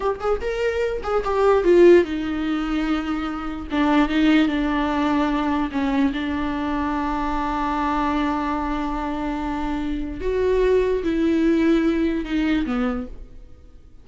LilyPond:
\new Staff \with { instrumentName = "viola" } { \time 4/4 \tempo 4 = 147 g'8 gis'8 ais'4. gis'8 g'4 | f'4 dis'2.~ | dis'4 d'4 dis'4 d'4~ | d'2 cis'4 d'4~ |
d'1~ | d'1~ | d'4 fis'2 e'4~ | e'2 dis'4 b4 | }